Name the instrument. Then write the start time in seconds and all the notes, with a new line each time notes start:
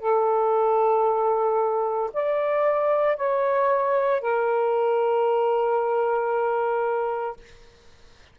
saxophone
0.00 A4
2.14 D5
3.17 C#5
4.22 A#4